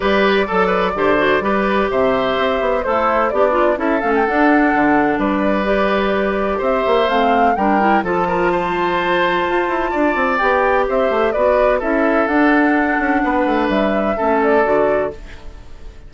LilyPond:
<<
  \new Staff \with { instrumentName = "flute" } { \time 4/4 \tempo 4 = 127 d''1 | e''2 c''4 d''4 | e''8 f''16 g''16 fis''2 d''4~ | d''2 e''4 f''4 |
g''4 a''2.~ | a''2 g''4 e''4 | d''4 e''4 fis''2~ | fis''4 e''4. d''4. | }
  \new Staff \with { instrumentName = "oboe" } { \time 4/4 b'4 a'8 b'8 c''4 b'4 | c''2 e'4 d'4 | a'2. b'4~ | b'2 c''2 |
ais'4 a'8 ais'8 c''2~ | c''4 d''2 c''4 | b'4 a'2. | b'2 a'2 | }
  \new Staff \with { instrumentName = "clarinet" } { \time 4/4 g'4 a'4 g'8 fis'8 g'4~ | g'2 a'4 g'8 f'8 | e'8 cis'8 d'2. | g'2. c'4 |
d'8 e'8 f'2.~ | f'2 g'2 | fis'4 e'4 d'2~ | d'2 cis'4 fis'4 | }
  \new Staff \with { instrumentName = "bassoon" } { \time 4/4 g4 fis4 d4 g4 | c4 c'8 b8 a4 b4 | cis'8 a8 d'4 d4 g4~ | g2 c'8 ais8 a4 |
g4 f2. | f'8 e'8 d'8 c'8 b4 c'8 a8 | b4 cis'4 d'4. cis'8 | b8 a8 g4 a4 d4 | }
>>